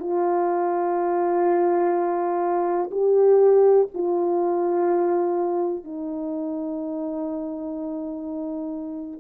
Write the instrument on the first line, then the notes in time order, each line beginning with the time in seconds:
horn
0.00 F4
2.91 G4
3.95 F4
5.85 D#4